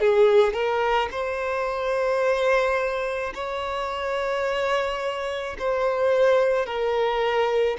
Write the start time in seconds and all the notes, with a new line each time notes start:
0.00 G#4
0.53 A#4
1.11 C5
3.34 C#5
5.59 C5
6.66 A#4